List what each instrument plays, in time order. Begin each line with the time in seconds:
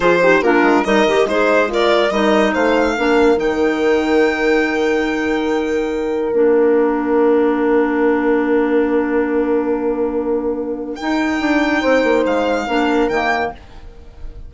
0.00 bassoon F3, clarinet F4, horn G#4, violin C5
0.21 clarinet D#4, horn G4
0.42 bassoon A#3, clarinet D4, horn F4, violin A#4
0.62 bassoon G#3
0.83 bassoon G3, clarinet D#4, horn A#4, violin D#5
1.05 bassoon D#3, clarinet G4
1.25 bassoon G#3, horn D#4, clarinet G#4, violin C5
1.67 horn F4, clarinet A#4, violin D5
2.10 bassoon G3, clarinet D#4, horn A#4, violin D#5
2.53 bassoon A3, horn C5, violin F5
2.96 bassoon A#3, clarinet D4, horn A#4
3.36 bassoon D#3, clarinet D#4, violin G5
6.32 bassoon A#3, clarinet D4, violin F5
10.96 clarinet D#4, bassoon D#4, violin G5
11.40 bassoon D4
11.80 bassoon C4, horn C5
12.03 bassoon A#3
12.25 bassoon G#3, violin F5
12.67 bassoon A#3, clarinet D4, horn A#4
13.08 bassoon D#3, clarinet A#3, violin G5